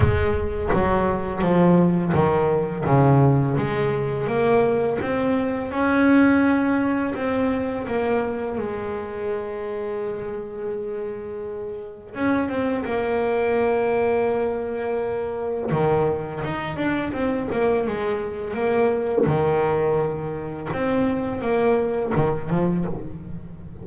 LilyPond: \new Staff \with { instrumentName = "double bass" } { \time 4/4 \tempo 4 = 84 gis4 fis4 f4 dis4 | cis4 gis4 ais4 c'4 | cis'2 c'4 ais4 | gis1~ |
gis4 cis'8 c'8 ais2~ | ais2 dis4 dis'8 d'8 | c'8 ais8 gis4 ais4 dis4~ | dis4 c'4 ais4 dis8 f8 | }